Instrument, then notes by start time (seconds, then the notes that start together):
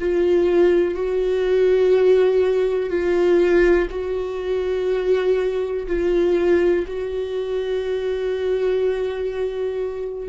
viola
0.00 F4
0.95 F#4
2.90 F4
3.90 F#4
5.87 F4
6.87 F#4